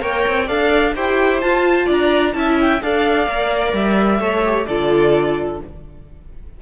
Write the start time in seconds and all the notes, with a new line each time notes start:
0.00 A#3 A#4 C#5 G5
0.27 C4
0.46 D4 A4 D5 F5
0.95 E4 G4 C5 G5
1.40 F4 A5
1.86 D4 D5 A#5
2.33 C#4 E4 E5 A5
2.61 G5
2.82 D4 A4 D5 F5
3.27 A#3 A#4
3.73 G3 E5
4.19 A3 A4 C#5
4.45 G4
4.66 D3 F4 A4 D5